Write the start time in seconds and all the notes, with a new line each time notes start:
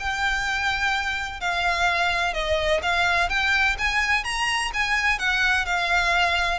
0.00 G5
1.41 F5
2.34 D#5
2.83 F5
3.30 G5
3.79 G#5
4.24 A#5
4.74 G#5
5.19 F#5
5.66 F5